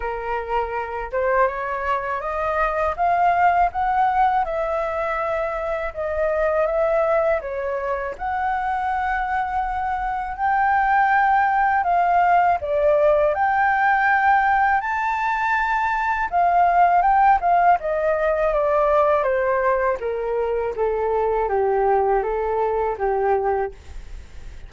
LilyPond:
\new Staff \with { instrumentName = "flute" } { \time 4/4 \tempo 4 = 81 ais'4. c''8 cis''4 dis''4 | f''4 fis''4 e''2 | dis''4 e''4 cis''4 fis''4~ | fis''2 g''2 |
f''4 d''4 g''2 | a''2 f''4 g''8 f''8 | dis''4 d''4 c''4 ais'4 | a'4 g'4 a'4 g'4 | }